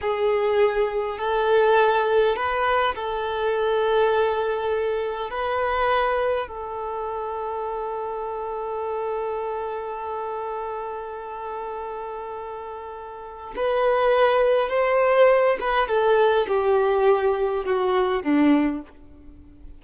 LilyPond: \new Staff \with { instrumentName = "violin" } { \time 4/4 \tempo 4 = 102 gis'2 a'2 | b'4 a'2.~ | a'4 b'2 a'4~ | a'1~ |
a'1~ | a'2. b'4~ | b'4 c''4. b'8 a'4 | g'2 fis'4 d'4 | }